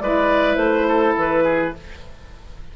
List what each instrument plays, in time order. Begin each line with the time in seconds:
0.00 bassoon G#3, saxophone E4, oboe B4, clarinet D5
0.56 bassoon A3, clarinet C5
0.88 oboe A4
1.18 bassoon E3, clarinet B4
1.44 oboe G#4